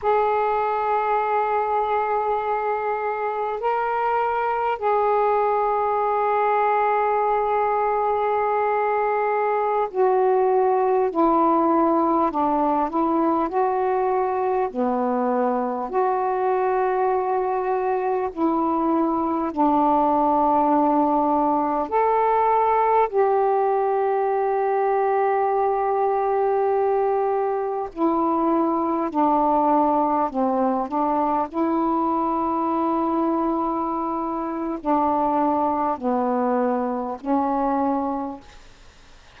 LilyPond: \new Staff \with { instrumentName = "saxophone" } { \time 4/4 \tempo 4 = 50 gis'2. ais'4 | gis'1~ | gis'16 fis'4 e'4 d'8 e'8 fis'8.~ | fis'16 b4 fis'2 e'8.~ |
e'16 d'2 a'4 g'8.~ | g'2.~ g'16 e'8.~ | e'16 d'4 c'8 d'8 e'4.~ e'16~ | e'4 d'4 b4 cis'4 | }